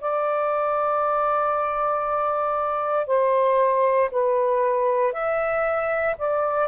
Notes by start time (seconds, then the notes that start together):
0.00 D5
3.06 C5
4.11 B4
5.12 E5
6.17 D5